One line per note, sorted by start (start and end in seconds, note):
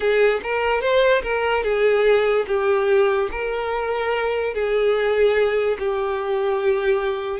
0.00 0.40 G#4
0.43 0.81 A#4
0.81 1.22 C5
1.22 1.63 A#4
1.63 2.45 G#4
2.47 3.29 G4
3.31 4.54 A#4
4.54 5.77 G#4
5.78 7.39 G4